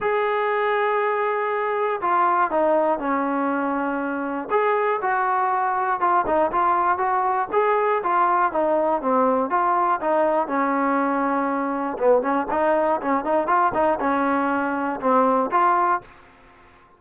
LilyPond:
\new Staff \with { instrumentName = "trombone" } { \time 4/4 \tempo 4 = 120 gis'1 | f'4 dis'4 cis'2~ | cis'4 gis'4 fis'2 | f'8 dis'8 f'4 fis'4 gis'4 |
f'4 dis'4 c'4 f'4 | dis'4 cis'2. | b8 cis'8 dis'4 cis'8 dis'8 f'8 dis'8 | cis'2 c'4 f'4 | }